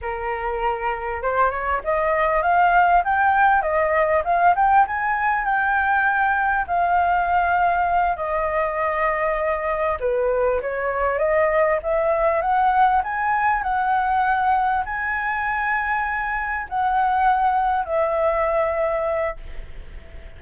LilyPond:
\new Staff \with { instrumentName = "flute" } { \time 4/4 \tempo 4 = 99 ais'2 c''8 cis''8 dis''4 | f''4 g''4 dis''4 f''8 g''8 | gis''4 g''2 f''4~ | f''4. dis''2~ dis''8~ |
dis''8 b'4 cis''4 dis''4 e''8~ | e''8 fis''4 gis''4 fis''4.~ | fis''8 gis''2. fis''8~ | fis''4. e''2~ e''8 | }